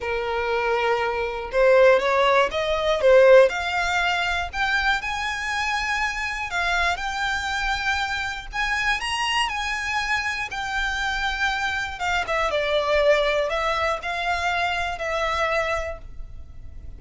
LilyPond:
\new Staff \with { instrumentName = "violin" } { \time 4/4 \tempo 4 = 120 ais'2. c''4 | cis''4 dis''4 c''4 f''4~ | f''4 g''4 gis''2~ | gis''4 f''4 g''2~ |
g''4 gis''4 ais''4 gis''4~ | gis''4 g''2. | f''8 e''8 d''2 e''4 | f''2 e''2 | }